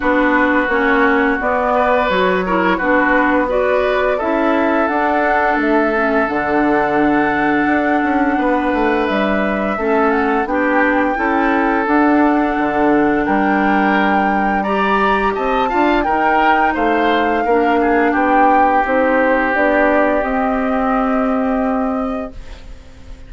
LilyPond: <<
  \new Staff \with { instrumentName = "flute" } { \time 4/4 \tempo 4 = 86 b'4 cis''4 d''4 cis''4 | b'4 d''4 e''4 fis''4 | e''4 fis''2.~ | fis''4 e''4. fis''8 g''4~ |
g''4 fis''2 g''4~ | g''4 ais''4 a''4 g''4 | f''2 g''4 c''4 | d''4 dis''2. | }
  \new Staff \with { instrumentName = "oboe" } { \time 4/4 fis'2~ fis'8 b'4 ais'8 | fis'4 b'4 a'2~ | a'1 | b'2 a'4 g'4 |
a'2. ais'4~ | ais'4 d''4 dis''8 f''8 ais'4 | c''4 ais'8 gis'8 g'2~ | g'1 | }
  \new Staff \with { instrumentName = "clarinet" } { \time 4/4 d'4 cis'4 b4 fis'8 e'8 | d'4 fis'4 e'4 d'4~ | d'8 cis'8 d'2.~ | d'2 cis'4 d'4 |
e'4 d'2.~ | d'4 g'4. f'8 dis'4~ | dis'4 d'2 dis'4 | d'4 c'2. | }
  \new Staff \with { instrumentName = "bassoon" } { \time 4/4 b4 ais4 b4 fis4 | b2 cis'4 d'4 | a4 d2 d'8 cis'8 | b8 a8 g4 a4 b4 |
cis'4 d'4 d4 g4~ | g2 c'8 d'8 dis'4 | a4 ais4 b4 c'4 | b4 c'2. | }
>>